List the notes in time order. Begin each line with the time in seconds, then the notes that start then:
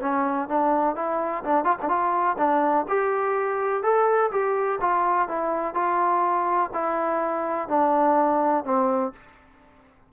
0.00 C#4
0.48 D4
0.95 E4
1.44 D4
1.64 F4
1.82 D4
1.88 F4
2.38 D4
2.88 G4
3.83 A4
4.31 G4
4.80 F4
5.28 E4
5.74 F4
6.73 E4
7.68 D4
8.64 C4